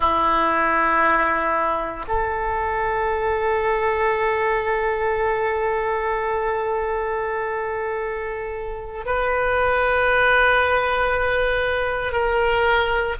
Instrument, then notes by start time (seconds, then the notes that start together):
oboe
0.00 E4
2.08 A4
9.05 B4
12.12 A#4